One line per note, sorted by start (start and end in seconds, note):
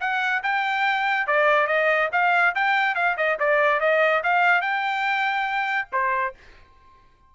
0.00 0.42 F#5
0.43 1.27 G5
1.27 1.67 D5
1.67 2.09 D#5
2.12 2.54 F5
2.54 2.95 G5
2.95 3.16 F5
3.17 3.38 D#5
3.39 3.80 D5
3.80 4.22 D#5
4.23 4.61 F5
4.61 5.88 G5
5.92 6.34 C5